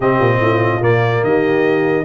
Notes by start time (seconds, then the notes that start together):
0.00 C3 C4 G4 D#5
0.19 A#2
0.39 A2 F4
0.80 A#2 A#3 D5
1.23 D#3 G4 D#5